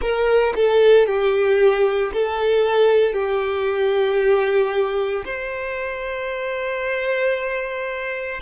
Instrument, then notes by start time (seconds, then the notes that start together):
violin
0.00 A#4
0.55 A4
1.06 G4
2.13 A4
3.13 G4
5.25 C5